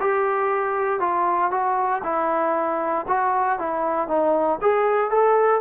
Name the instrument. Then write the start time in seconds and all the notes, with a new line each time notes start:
trombone
0.00 G4
1.00 F4
1.51 F#4
2.03 E4
3.07 F#4
3.59 E4
4.07 D#4
4.61 G#4
5.10 A4